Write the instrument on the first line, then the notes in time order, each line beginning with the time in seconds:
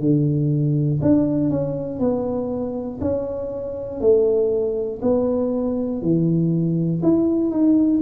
tuba
0.00 D3
1.01 D4
1.50 C#4
1.99 B3
3.01 C#4
4.01 A3
5.01 B3
6.02 E3
7.03 E4
7.51 D#4